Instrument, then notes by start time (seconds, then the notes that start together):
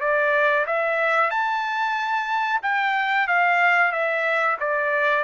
trumpet
0.00 D5
0.66 E5
1.30 A5
2.62 G5
3.27 F5
3.92 E5
4.59 D5